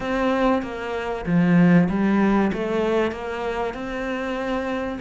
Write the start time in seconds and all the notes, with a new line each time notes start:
0.00 C4
0.62 A#3
1.26 F3
1.89 G3
2.53 A3
3.11 A#3
3.74 C4